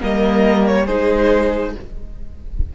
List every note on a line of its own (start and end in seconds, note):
0.00 0.89 G3
0.00 0.87 A#3
0.00 0.85 A#4
0.00 0.67 D#5
0.67 0.87 C#5
0.85 1.76 G#3
0.85 1.76 D#4
0.85 1.72 G#4
0.85 1.74 C5